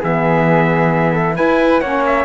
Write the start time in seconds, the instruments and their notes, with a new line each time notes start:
0.00 cello E3, saxophone B3, flute G#4, trumpet E5
1.13 flute A4
1.35 saxophone E4, cello E4, flute B4, trumpet G#5
1.81 cello A#3, saxophone C#4, flute C#5, trumpet F#5
2.06 trumpet E5